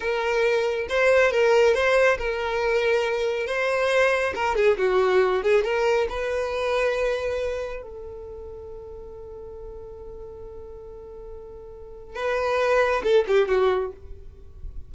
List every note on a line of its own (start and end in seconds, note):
0.00 0.87 A#4
0.89 1.31 C5
1.31 1.74 A#4
1.74 2.17 C5
2.17 3.46 A#4
3.46 4.33 C5
4.34 4.55 A#4
4.55 4.77 G#4
4.77 5.42 F#4
5.42 5.64 G#4
5.64 6.07 A#4
6.09 7.82 B4
7.82 12.15 A4
12.15 13.02 B4
13.03 13.25 A4
13.27 13.48 G4
13.48 13.92 F#4